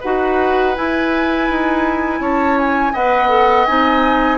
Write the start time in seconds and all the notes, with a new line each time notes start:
0.00 D#4 F#4 B4 F#5
0.75 E4 G#5
1.49 D#4
2.20 C#4 C#5 A5
2.58 G#5
2.93 B3 B4 D#5 F#5
3.29 A4
3.66 C4 D#4 G#5